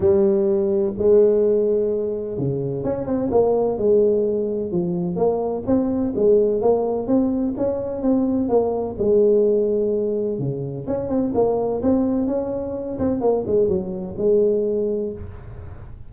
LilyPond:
\new Staff \with { instrumentName = "tuba" } { \time 4/4 \tempo 4 = 127 g2 gis2~ | gis4 cis4 cis'8 c'8 ais4 | gis2 f4 ais4 | c'4 gis4 ais4 c'4 |
cis'4 c'4 ais4 gis4~ | gis2 cis4 cis'8 c'8 | ais4 c'4 cis'4. c'8 | ais8 gis8 fis4 gis2 | }